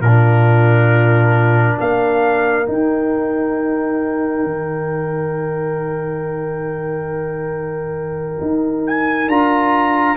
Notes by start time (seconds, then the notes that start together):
0.00 A#2 F4 A#4
0.07 D4
1.80 A#3 A#4 F5
2.66 D#4 G5
4.44 D#3
8.41 D#4
8.87 G#5
9.28 D4 F4 A#5